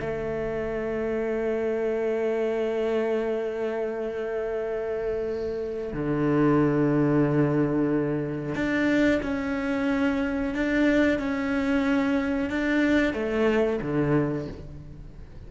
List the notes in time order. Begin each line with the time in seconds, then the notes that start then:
0.00 A3
5.93 D3
8.55 D4
9.22 C#4
10.54 D4
11.19 C#4
12.50 D4
13.13 A3
13.82 D3